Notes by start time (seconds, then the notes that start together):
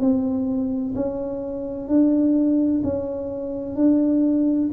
0.00 C4
0.95 C#4
1.88 D4
2.84 C#4
3.76 D4